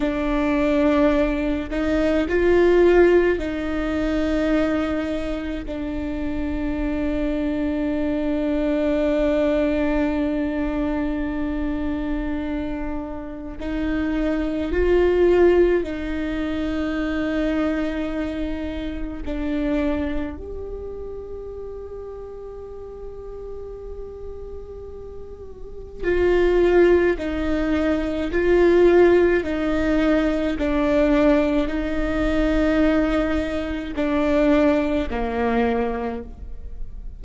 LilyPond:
\new Staff \with { instrumentName = "viola" } { \time 4/4 \tempo 4 = 53 d'4. dis'8 f'4 dis'4~ | dis'4 d'2.~ | d'1 | dis'4 f'4 dis'2~ |
dis'4 d'4 g'2~ | g'2. f'4 | dis'4 f'4 dis'4 d'4 | dis'2 d'4 ais4 | }